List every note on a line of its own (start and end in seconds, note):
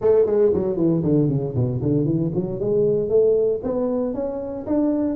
0.01 0.25 A3
0.25 0.51 G#3
0.53 0.76 F#3
0.76 1.02 E3
1.03 1.28 D3
1.28 1.54 C#3
1.55 1.81 B2
1.81 2.05 D3
2.05 2.31 E3
2.34 2.60 F#3
2.60 3.09 G#3
3.09 3.60 A3
3.63 4.14 B3
4.14 4.66 C#4
4.66 5.16 D4